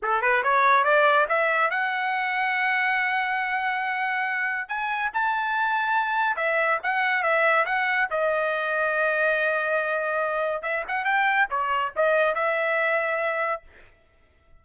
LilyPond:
\new Staff \with { instrumentName = "trumpet" } { \time 4/4 \tempo 4 = 141 a'8 b'8 cis''4 d''4 e''4 | fis''1~ | fis''2. gis''4 | a''2. e''4 |
fis''4 e''4 fis''4 dis''4~ | dis''1~ | dis''4 e''8 fis''8 g''4 cis''4 | dis''4 e''2. | }